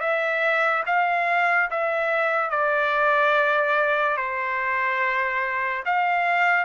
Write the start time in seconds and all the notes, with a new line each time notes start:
0.00 E5
0.86 F5
1.70 E5
2.50 D5
4.17 C5
5.85 F5